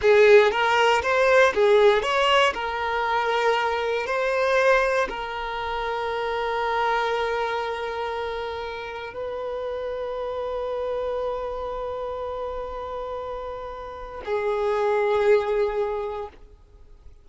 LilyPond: \new Staff \with { instrumentName = "violin" } { \time 4/4 \tempo 4 = 118 gis'4 ais'4 c''4 gis'4 | cis''4 ais'2. | c''2 ais'2~ | ais'1~ |
ais'2 b'2~ | b'1~ | b'1 | gis'1 | }